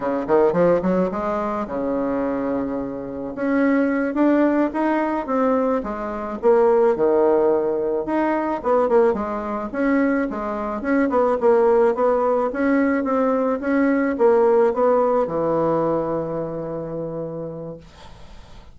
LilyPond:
\new Staff \with { instrumentName = "bassoon" } { \time 4/4 \tempo 4 = 108 cis8 dis8 f8 fis8 gis4 cis4~ | cis2 cis'4. d'8~ | d'8 dis'4 c'4 gis4 ais8~ | ais8 dis2 dis'4 b8 |
ais8 gis4 cis'4 gis4 cis'8 | b8 ais4 b4 cis'4 c'8~ | c'8 cis'4 ais4 b4 e8~ | e1 | }